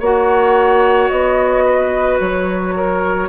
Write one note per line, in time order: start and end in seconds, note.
0.00 1.10 A#3
0.00 3.29 F#4
0.00 1.64 C#5
0.00 1.09 F#5
1.09 2.20 B3
1.09 2.18 D#5
1.65 2.74 B4
2.20 3.29 F#3
2.20 3.29 C#5
2.77 3.29 A#4